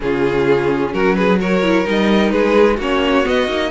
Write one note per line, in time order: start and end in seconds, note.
0.00 0.93 C#3
0.00 1.39 C#4
0.00 0.92 F4
0.00 0.93 G#4
0.92 1.86 F#3
0.92 1.16 F#4
0.92 1.15 A#4
1.15 1.39 G#4
1.15 1.38 B4
1.39 1.63 F#4
1.39 2.32 A#4
1.39 1.87 C#5
1.63 1.84 E4
1.84 2.32 G3
1.84 2.77 D#4
1.84 2.30 D#5
2.30 2.78 G#3
2.30 2.77 G#4
2.30 2.77 B4
2.77 3.25 A#3
2.77 3.24 C#4
2.77 3.70 F#4
2.77 3.27 C#5
3.24 3.47 B3
3.24 3.71 D#5
3.47 3.71 A#3
3.47 3.71 D#4